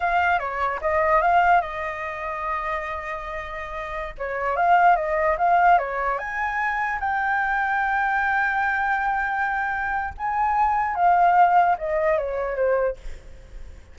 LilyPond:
\new Staff \with { instrumentName = "flute" } { \time 4/4 \tempo 4 = 148 f''4 cis''4 dis''4 f''4 | dis''1~ | dis''2~ dis''16 cis''4 f''8.~ | f''16 dis''4 f''4 cis''4 gis''8.~ |
gis''4~ gis''16 g''2~ g''8.~ | g''1~ | g''4 gis''2 f''4~ | f''4 dis''4 cis''4 c''4 | }